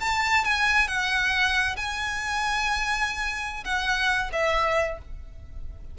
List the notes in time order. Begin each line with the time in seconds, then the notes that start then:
0.00 A5
0.44 G#5
0.88 F#5
1.76 G#5
3.64 F#5
4.32 E5